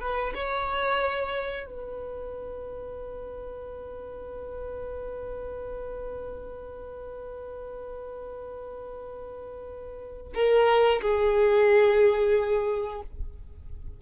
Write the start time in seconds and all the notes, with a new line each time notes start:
0.00 B4
0.34 C#5
1.66 B4
10.34 A#4
11.01 G#4